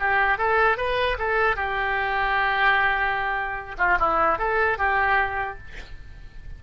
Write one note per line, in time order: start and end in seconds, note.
0.00 0.38 G4
0.38 0.78 A4
0.78 1.18 B4
1.19 1.57 A4
1.57 3.77 G4
3.79 3.99 F4
4.00 4.39 E4
4.39 4.78 A4
4.78 5.58 G4